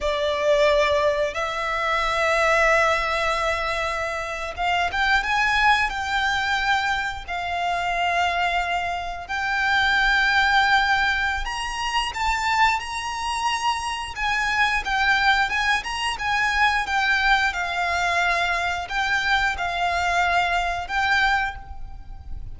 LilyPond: \new Staff \with { instrumentName = "violin" } { \time 4/4 \tempo 4 = 89 d''2 e''2~ | e''2~ e''8. f''8 g''8 gis''16~ | gis''8. g''2 f''4~ f''16~ | f''4.~ f''16 g''2~ g''16~ |
g''4 ais''4 a''4 ais''4~ | ais''4 gis''4 g''4 gis''8 ais''8 | gis''4 g''4 f''2 | g''4 f''2 g''4 | }